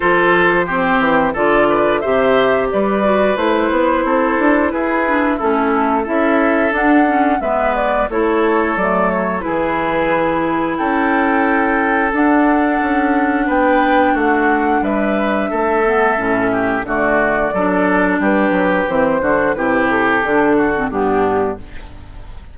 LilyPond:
<<
  \new Staff \with { instrumentName = "flute" } { \time 4/4 \tempo 4 = 89 c''2 d''4 e''4 | d''4 c''2 b'4 | a'4 e''4 fis''4 e''8 d''8 | cis''4 d''8 cis''8 b'2 |
g''2 fis''2 | g''4 fis''4 e''2~ | e''4 d''2 b'4 | c''4 b'8 a'4. g'4 | }
  \new Staff \with { instrumentName = "oboe" } { \time 4/4 a'4 g'4 a'8 b'8 c''4 | b'2 a'4 gis'4 | e'4 a'2 b'4 | a'2 gis'2 |
a'1 | b'4 fis'4 b'4 a'4~ | a'8 g'8 fis'4 a'4 g'4~ | g'8 fis'8 g'4. fis'8 d'4 | }
  \new Staff \with { instrumentName = "clarinet" } { \time 4/4 f'4 c'4 f'4 g'4~ | g'8 fis'8 e'2~ e'8 d'8 | cis'4 e'4 d'8 cis'8 b4 | e'4 a4 e'2~ |
e'2 d'2~ | d'2.~ d'8 b8 | cis'4 a4 d'2 | c'8 d'8 e'4 d'8. c'16 b4 | }
  \new Staff \with { instrumentName = "bassoon" } { \time 4/4 f4. e8 d4 c4 | g4 a8 b8 c'8 d'8 e'4 | a4 cis'4 d'4 gis4 | a4 fis4 e2 |
cis'2 d'4 cis'4 | b4 a4 g4 a4 | a,4 d4 fis4 g8 fis8 | e8 d8 c4 d4 g,4 | }
>>